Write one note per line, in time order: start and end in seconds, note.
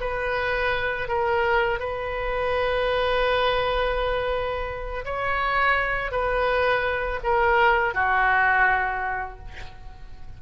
0.00 1.08 B4
1.08 1.79 A#4
1.79 5.05 B4
5.05 6.11 C#5
6.11 7.20 B4
7.23 7.94 A#4
7.94 9.38 F#4